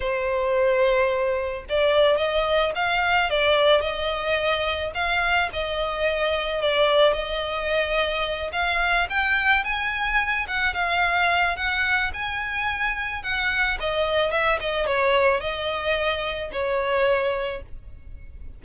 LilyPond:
\new Staff \with { instrumentName = "violin" } { \time 4/4 \tempo 4 = 109 c''2. d''4 | dis''4 f''4 d''4 dis''4~ | dis''4 f''4 dis''2 | d''4 dis''2~ dis''8 f''8~ |
f''8 g''4 gis''4. fis''8 f''8~ | f''4 fis''4 gis''2 | fis''4 dis''4 e''8 dis''8 cis''4 | dis''2 cis''2 | }